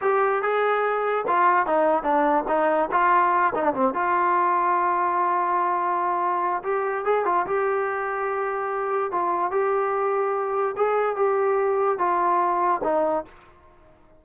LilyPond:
\new Staff \with { instrumentName = "trombone" } { \time 4/4 \tempo 4 = 145 g'4 gis'2 f'4 | dis'4 d'4 dis'4 f'4~ | f'8 dis'16 d'16 c'8 f'2~ f'8~ | f'1 |
g'4 gis'8 f'8 g'2~ | g'2 f'4 g'4~ | g'2 gis'4 g'4~ | g'4 f'2 dis'4 | }